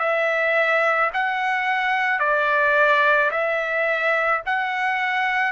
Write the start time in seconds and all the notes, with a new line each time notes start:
0.00 E5
1.14 F#5
2.20 D5
3.31 E5
4.46 F#5